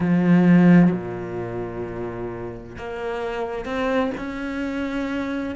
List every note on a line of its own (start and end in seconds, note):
0.00 0.91 F3
0.91 2.76 A#2
2.77 3.65 A#3
3.65 4.11 C4
4.17 5.55 C#4